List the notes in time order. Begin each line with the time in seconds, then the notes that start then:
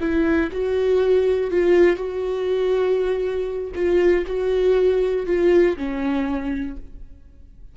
0.00 E4
0.52 F#4
1.50 F4
1.97 F#4
3.75 F4
4.26 F#4
5.26 F4
5.77 C#4